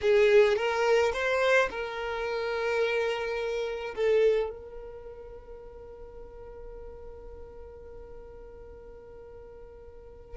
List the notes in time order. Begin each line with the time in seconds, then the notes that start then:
0.01 G#4
0.56 A#4
1.13 C5
1.70 A#4
3.95 A4
4.50 A#4